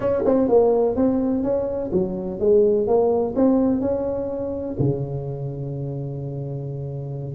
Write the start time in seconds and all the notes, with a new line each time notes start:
0.00 C#4
0.25 C4
0.48 A#3
0.95 C4
1.43 C#4
1.92 F#3
2.39 G#3
2.87 A#3
3.35 C4
3.80 C#4
4.79 C#3